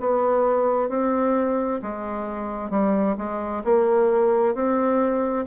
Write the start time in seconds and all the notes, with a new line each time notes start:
0.00 B3
0.89 C4
1.82 G#3
2.70 G3
3.18 G#3
3.64 A#3
4.55 C4